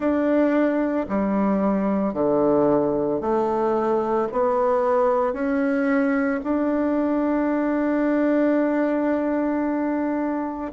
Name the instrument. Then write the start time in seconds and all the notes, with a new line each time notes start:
bassoon
0.00 D4
1.08 G3
2.13 D3
3.20 A3
4.31 B3
5.33 C#4
6.43 D4